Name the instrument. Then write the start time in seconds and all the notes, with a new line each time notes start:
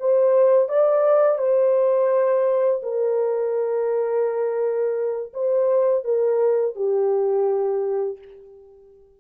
horn
0.00 C5
0.69 D5
1.38 C5
2.82 A#4
5.33 C5
6.05 A#4
6.75 G4